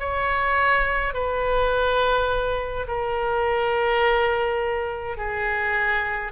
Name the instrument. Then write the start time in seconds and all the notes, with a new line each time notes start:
oboe
0.00 C#5
1.14 B4
2.88 A#4
5.18 G#4